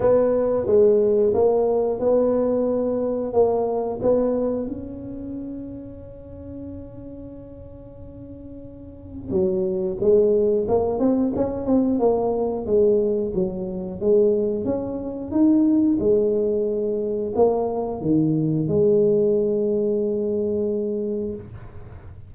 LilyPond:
\new Staff \with { instrumentName = "tuba" } { \time 4/4 \tempo 4 = 90 b4 gis4 ais4 b4~ | b4 ais4 b4 cis'4~ | cis'1~ | cis'2 fis4 gis4 |
ais8 c'8 cis'8 c'8 ais4 gis4 | fis4 gis4 cis'4 dis'4 | gis2 ais4 dis4 | gis1 | }